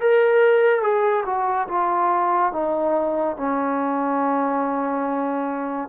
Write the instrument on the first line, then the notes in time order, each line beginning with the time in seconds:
trombone
0.00 A#4
0.82 G#4
1.26 F#4
1.69 F4
2.53 D#4
3.37 C#4